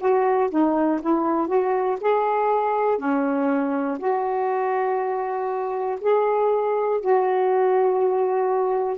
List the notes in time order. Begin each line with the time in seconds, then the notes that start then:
0.00 F#4
0.50 D#4
1.02 E4
1.48 F#4
2.01 G#4
2.99 C#4
3.99 F#4
6.01 G#4
7.01 F#4